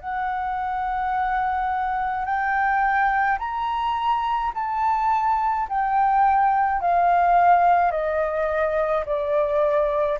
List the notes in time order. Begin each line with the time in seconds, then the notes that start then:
0.00 F#5
2.25 G5
3.39 A#5
4.54 A5
5.69 G5
6.81 F5
7.91 D#5
9.06 D5